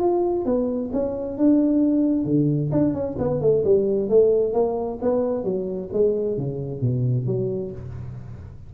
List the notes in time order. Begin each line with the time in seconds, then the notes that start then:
0.00 F4
0.45 B3
0.93 C#4
1.38 D4
2.25 D3
2.72 D4
2.94 C#4
3.19 B3
3.42 A3
3.65 G3
4.10 A3
4.54 A#3
5.02 B3
5.44 F#3
5.93 G#3
6.38 C#3
6.82 B2
7.27 F#3